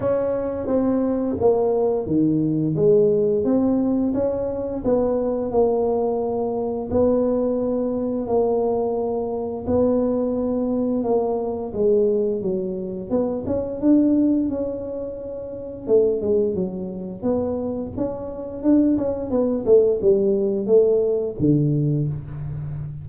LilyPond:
\new Staff \with { instrumentName = "tuba" } { \time 4/4 \tempo 4 = 87 cis'4 c'4 ais4 dis4 | gis4 c'4 cis'4 b4 | ais2 b2 | ais2 b2 |
ais4 gis4 fis4 b8 cis'8 | d'4 cis'2 a8 gis8 | fis4 b4 cis'4 d'8 cis'8 | b8 a8 g4 a4 d4 | }